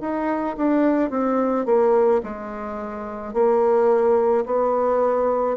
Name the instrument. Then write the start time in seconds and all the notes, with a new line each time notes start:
bassoon
0.00 D#4
0.57 D4
1.10 C4
1.66 A#3
2.23 G#3
3.34 A#3
4.45 B3